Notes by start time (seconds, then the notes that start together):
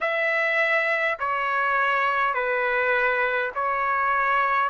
0.01 E5
1.19 C#5
2.34 B4
3.55 C#5